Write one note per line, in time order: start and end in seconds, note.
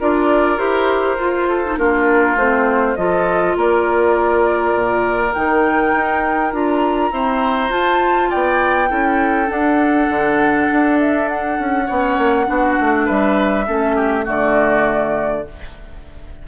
0.00 0.58 D4
0.00 0.57 F4
0.00 1.49 A#4
0.00 0.58 D5
0.57 1.17 E4
0.57 1.17 G4
0.57 1.77 C5
1.17 1.77 F4
1.17 1.64 F4
1.49 1.78 A4
1.64 1.78 D#4
1.78 2.36 A#3
1.78 2.37 D4
1.78 2.97 F4
1.78 2.37 A#4
2.36 2.95 A3
2.36 2.97 C4
2.36 2.96 C5
2.96 3.56 F3
2.96 5.35 F4
2.96 3.57 A4
2.96 3.55 D#5
3.56 4.74 A#3
3.56 7.13 A#4
3.56 5.33 D5
4.74 5.34 A#2
5.33 5.93 D#3
5.33 6.52 D#4
5.33 6.52 G5
5.93 6.53 D#4
6.52 7.11 D4
6.52 7.11 F4
6.52 7.72 A#5
7.11 7.70 C4
7.11 7.70 E4
7.11 8.30 C5
7.70 8.88 F4
7.70 8.30 F4
7.70 8.31 A5
8.30 8.90 B3
8.30 8.89 D5
8.30 9.50 G5
8.88 9.49 C#4
8.88 9.46 E4
8.88 11.86 A4
9.46 11.84 D4
9.46 10.09 D4
9.46 10.98 F#5
10.09 10.68 D3
10.72 11.59 D4
11.00 11.29 E5
11.29 13.07 F#5
11.59 11.89 C#4
11.86 12.18 B3
11.86 12.46 C#4
11.86 12.45 C#5
12.18 12.48 A#3
12.46 12.78 B3
12.46 13.64 D4
12.46 13.05 F#4
12.80 13.09 A3
13.05 13.68 G3
13.05 13.65 B4
13.05 14.25 E5
13.66 14.28 A3
13.66 14.24 C#4
13.66 13.96 A4
13.96 14.25 G4
14.24 15.47 D3
14.24 15.43 A3
14.24 15.44 F#4
14.24 15.48 D5